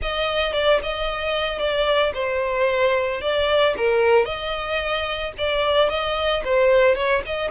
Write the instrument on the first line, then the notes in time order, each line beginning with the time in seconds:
violin
0.01 D#5
0.53 D5
0.82 D#5
1.58 D5
2.14 C5
3.21 D5
3.77 A#4
4.25 D#5
5.38 D5
5.89 D#5
6.44 C5
6.95 C#5
7.26 D#5